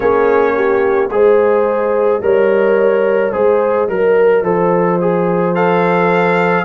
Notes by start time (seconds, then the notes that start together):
0.00 A#3 C#4 G#4 C#5
0.55 G4
1.09 G#3 G#4 C5 D#5
2.21 G3 A#4 C#5
3.31 G#3 G#4 C5
3.88 F#3 A#4
4.42 F3 A4 C5
5.00 G#4
5.55 A4 F5